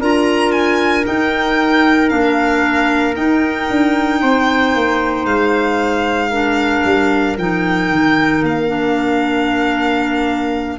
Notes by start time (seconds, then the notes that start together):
0.00 D4 F4 A#4 A#5
0.52 G#5
1.04 D#4 G5
2.09 A#3 D4 F5
3.14 D#4 G5
3.70 D4
4.22 C4 C5
4.75 A#3
5.25 G#3 F5
6.30 D4 A#4
6.84 G3
7.37 F3 D#4 G5
7.90 D#3
8.42 A#3 F5
8.68 D4